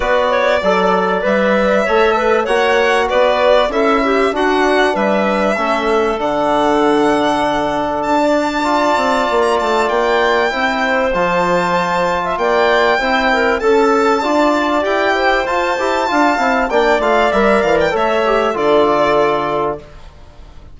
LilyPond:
<<
  \new Staff \with { instrumentName = "violin" } { \time 4/4 \tempo 4 = 97 d''2 e''2 | fis''4 d''4 e''4 fis''4 | e''2 fis''2~ | fis''4 a''2~ a''16 ais''16 a''8 |
g''2 a''2 | g''2 a''2 | g''4 a''2 g''8 f''8 | e''8 f''16 g''16 e''4 d''2 | }
  \new Staff \with { instrumentName = "clarinet" } { \time 4/4 b'8 cis''8 d''2 cis''8 b'8 | cis''4 b'4 a'8 g'8 fis'4 | b'4 a'2.~ | a'4~ a'16 d''2~ d''8.~ |
d''4 c''2~ c''8. e''16 | d''4 c''8 ais'8 a'4 d''4~ | d''8 c''4. f''4 d''4~ | d''4 cis''4 a'2 | }
  \new Staff \with { instrumentName = "trombone" } { \time 4/4 fis'4 a'4 b'4 a'4 | fis'2 e'4 d'4~ | d'4 cis'4 d'2~ | d'2 f'2~ |
f'4 e'4 f'2~ | f'4 e'4 a'4 f'4 | g'4 f'8 g'8 f'8 e'8 d'8 f'8 | ais'4 a'8 g'8 f'2 | }
  \new Staff \with { instrumentName = "bassoon" } { \time 4/4 b4 fis4 g4 a4 | ais4 b4 cis'4 d'4 | g4 a4 d2~ | d4 d'4. c'8 ais8 a8 |
ais4 c'4 f2 | ais4 c'4 cis'4 d'4 | e'4 f'8 e'8 d'8 c'8 ais8 a8 | g8 e8 a4 d2 | }
>>